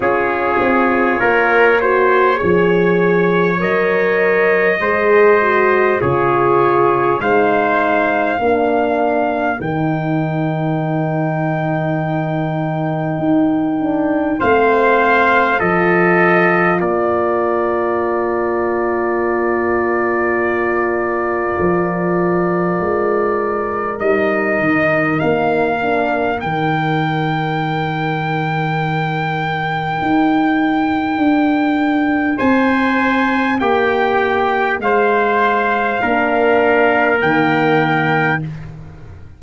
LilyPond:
<<
  \new Staff \with { instrumentName = "trumpet" } { \time 4/4 \tempo 4 = 50 cis''2. dis''4~ | dis''4 cis''4 f''2 | g''1 | f''4 dis''4 d''2~ |
d''1 | dis''4 f''4 g''2~ | g''2. gis''4 | g''4 f''2 g''4 | }
  \new Staff \with { instrumentName = "trumpet" } { \time 4/4 gis'4 ais'8 c''8 cis''2 | c''4 gis'4 c''4 ais'4~ | ais'1 | c''4 a'4 ais'2~ |
ais'1~ | ais'1~ | ais'2. c''4 | g'4 c''4 ais'2 | }
  \new Staff \with { instrumentName = "horn" } { \time 4/4 f'4. fis'8 gis'4 ais'4 | gis'8 fis'8 f'4 dis'4 d'4 | dis'2.~ dis'8 d'8 | c'4 f'2.~ |
f'1 | dis'4. d'8 dis'2~ | dis'1~ | dis'2 d'4 ais4 | }
  \new Staff \with { instrumentName = "tuba" } { \time 4/4 cis'8 c'8 ais4 f4 fis4 | gis4 cis4 gis4 ais4 | dis2. dis'4 | a4 f4 ais2~ |
ais2 f4 gis4 | g8 dis8 ais4 dis2~ | dis4 dis'4 d'4 c'4 | ais4 gis4 ais4 dis4 | }
>>